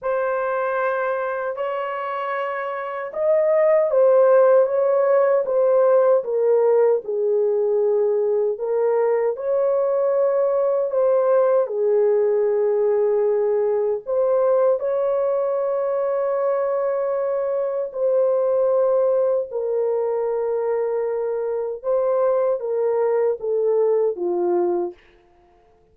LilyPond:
\new Staff \with { instrumentName = "horn" } { \time 4/4 \tempo 4 = 77 c''2 cis''2 | dis''4 c''4 cis''4 c''4 | ais'4 gis'2 ais'4 | cis''2 c''4 gis'4~ |
gis'2 c''4 cis''4~ | cis''2. c''4~ | c''4 ais'2. | c''4 ais'4 a'4 f'4 | }